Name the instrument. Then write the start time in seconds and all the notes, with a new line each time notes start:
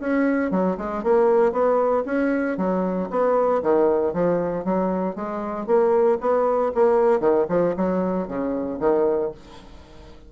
bassoon
0.00 C#4
0.51 F#3
0.78 G#3
1.03 A#3
1.52 B3
2.06 C#4
2.57 F#3
3.11 B3
3.63 D#3
4.14 F3
4.65 F#3
5.16 G#3
5.67 A#3
6.21 B3
6.75 A#3
7.20 D#3
7.49 F3
7.77 F#3
8.28 C#3
8.80 D#3